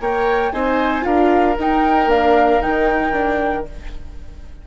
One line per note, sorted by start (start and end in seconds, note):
0.00 0.52 A#3
0.00 0.53 A#4
0.00 0.53 C#5
0.00 0.52 G5
0.52 1.05 C4
0.52 1.02 D#4
0.52 1.05 C5
0.52 1.04 G#5
1.02 1.57 D4
1.02 1.54 F4
1.02 3.67 A#4
1.02 1.57 F5
1.58 2.06 D#4
1.58 2.09 D#4
1.58 2.10 G5
2.06 2.58 A#3
2.06 2.61 D4
2.06 2.62 F5
2.62 3.67 D#3
2.62 3.12 D#4
2.62 3.66 G5
3.12 3.65 D4